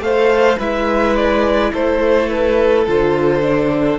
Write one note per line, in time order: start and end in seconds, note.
0.00 0.57 A3
0.00 0.57 A4
0.00 0.58 C5
0.00 0.59 F5
0.58 1.72 G#3
0.58 2.87 E4
0.58 1.72 B4
0.58 1.16 E5
1.16 1.72 D5
1.73 2.86 A3
1.73 3.99 A4
1.73 2.29 C5
2.29 2.86 B4
2.87 3.99 D3
2.87 3.42 F4
2.87 3.99 C5
3.42 3.99 D4